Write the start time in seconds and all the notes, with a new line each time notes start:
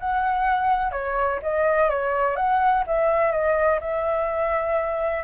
0.00 F#5
0.92 C#5
1.43 D#5
1.90 C#5
2.37 F#5
2.87 E5
3.32 D#5
3.81 E5